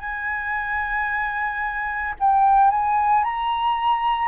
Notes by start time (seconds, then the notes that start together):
0.00 G#5
2.20 G5
2.71 G#5
3.24 A#5